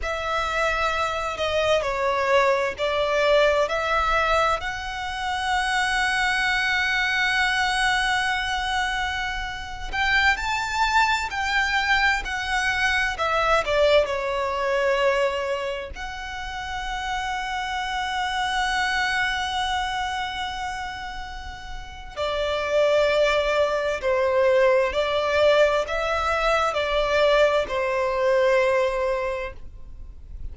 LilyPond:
\new Staff \with { instrumentName = "violin" } { \time 4/4 \tempo 4 = 65 e''4. dis''8 cis''4 d''4 | e''4 fis''2.~ | fis''2~ fis''8. g''8 a''8.~ | a''16 g''4 fis''4 e''8 d''8 cis''8.~ |
cis''4~ cis''16 fis''2~ fis''8.~ | fis''1 | d''2 c''4 d''4 | e''4 d''4 c''2 | }